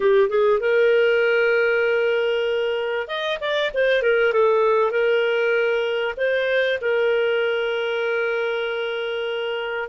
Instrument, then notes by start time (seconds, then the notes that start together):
clarinet
0.00 G4
0.29 G#4
0.60 A#4
3.07 D#5
3.40 D5
3.74 C5
4.02 A#4
4.32 A4
4.91 A#4
6.16 C5
6.81 A#4